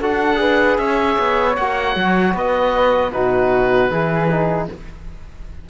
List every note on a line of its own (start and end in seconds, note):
0.00 0.78 D4
0.00 0.36 F#4
0.00 0.39 A4
0.00 0.78 F#5
0.36 1.52 G#4
0.36 0.79 B4
0.78 1.17 C#4
0.78 2.33 C#5
0.78 1.56 E5
1.18 1.57 B3
1.56 1.95 A#3
1.56 3.12 F#4
1.56 2.34 F#5
1.95 2.33 F#3
2.33 3.11 B3
2.33 3.11 B4
2.33 3.11 D#5
3.11 3.89 B2
3.11 3.88 D#4
3.11 3.90 F#4
3.11 4.67 B4
3.88 4.67 E3
3.88 4.27 E4
3.88 4.68 G#4
4.30 4.69 D#4